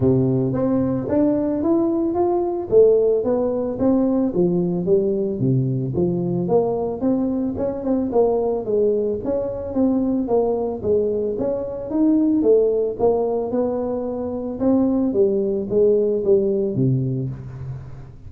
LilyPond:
\new Staff \with { instrumentName = "tuba" } { \time 4/4 \tempo 4 = 111 c4 c'4 d'4 e'4 | f'4 a4 b4 c'4 | f4 g4 c4 f4 | ais4 c'4 cis'8 c'8 ais4 |
gis4 cis'4 c'4 ais4 | gis4 cis'4 dis'4 a4 | ais4 b2 c'4 | g4 gis4 g4 c4 | }